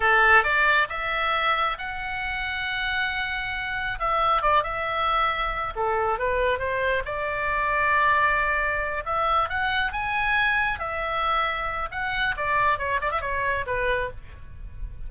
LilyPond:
\new Staff \with { instrumentName = "oboe" } { \time 4/4 \tempo 4 = 136 a'4 d''4 e''2 | fis''1~ | fis''4 e''4 d''8 e''4.~ | e''4 a'4 b'4 c''4 |
d''1~ | d''8 e''4 fis''4 gis''4.~ | gis''8 e''2~ e''8 fis''4 | d''4 cis''8 d''16 e''16 cis''4 b'4 | }